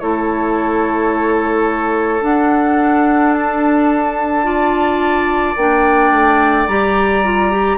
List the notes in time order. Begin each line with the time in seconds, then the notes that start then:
0.00 A3 E4 A4 C#5
2.22 D4 F#5
3.34 A5
4.44 F4 D5
5.57 A#3 D4 G5
6.12 A3
6.68 G3 G4 A#5
7.25 F4
7.52 G4